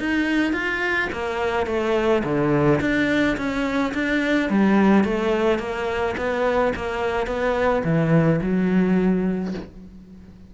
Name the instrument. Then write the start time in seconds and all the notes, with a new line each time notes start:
cello
0.00 D#4
0.53 F4
1.13 A#3
1.67 A3
2.24 D3
2.81 D4
3.37 C#4
3.95 D4
4.50 G3
5.05 A3
5.59 A#3
6.18 B3
6.76 A#3
7.27 B3
7.85 E3
8.42 F#3